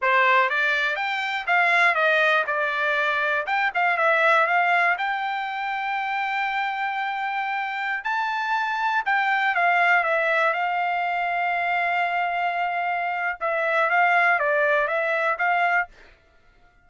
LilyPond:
\new Staff \with { instrumentName = "trumpet" } { \time 4/4 \tempo 4 = 121 c''4 d''4 g''4 f''4 | dis''4 d''2 g''8 f''8 | e''4 f''4 g''2~ | g''1~ |
g''16 a''2 g''4 f''8.~ | f''16 e''4 f''2~ f''8.~ | f''2. e''4 | f''4 d''4 e''4 f''4 | }